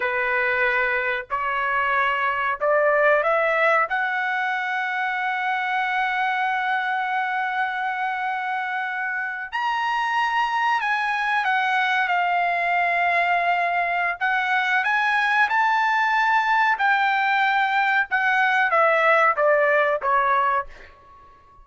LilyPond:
\new Staff \with { instrumentName = "trumpet" } { \time 4/4 \tempo 4 = 93 b'2 cis''2 | d''4 e''4 fis''2~ | fis''1~ | fis''2~ fis''8. ais''4~ ais''16~ |
ais''8. gis''4 fis''4 f''4~ f''16~ | f''2 fis''4 gis''4 | a''2 g''2 | fis''4 e''4 d''4 cis''4 | }